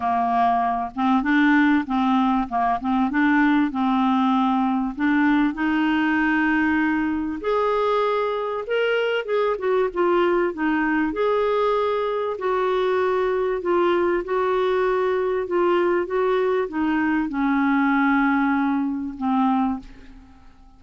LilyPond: \new Staff \with { instrumentName = "clarinet" } { \time 4/4 \tempo 4 = 97 ais4. c'8 d'4 c'4 | ais8 c'8 d'4 c'2 | d'4 dis'2. | gis'2 ais'4 gis'8 fis'8 |
f'4 dis'4 gis'2 | fis'2 f'4 fis'4~ | fis'4 f'4 fis'4 dis'4 | cis'2. c'4 | }